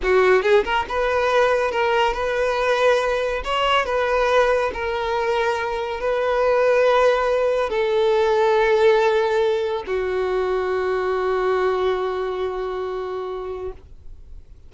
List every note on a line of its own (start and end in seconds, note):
0.03 0.42 F#4
0.42 0.64 G#4
0.64 0.85 A#4
0.88 1.71 B4
1.71 2.13 A#4
2.13 3.42 B4
3.44 3.85 C#5
3.85 4.71 B4
4.73 6.00 A#4
6.00 7.69 B4
7.69 9.83 A4
9.86 13.72 F#4